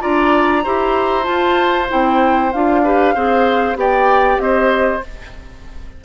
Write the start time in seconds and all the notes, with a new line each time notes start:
0.00 D4 F4 D5 A#5
0.64 E4 G4 C5
1.23 F4 A5
1.89 C4 E4 G5
2.52 D4 F4 F5
2.84 G4 B4
3.14 C4 G#4 C5
3.75 B3 G4 D5 G5
4.38 C4 C5 D#5